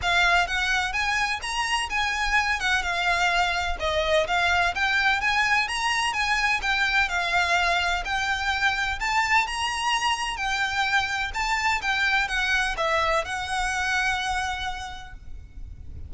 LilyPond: \new Staff \with { instrumentName = "violin" } { \time 4/4 \tempo 4 = 127 f''4 fis''4 gis''4 ais''4 | gis''4. fis''8 f''2 | dis''4 f''4 g''4 gis''4 | ais''4 gis''4 g''4 f''4~ |
f''4 g''2 a''4 | ais''2 g''2 | a''4 g''4 fis''4 e''4 | fis''1 | }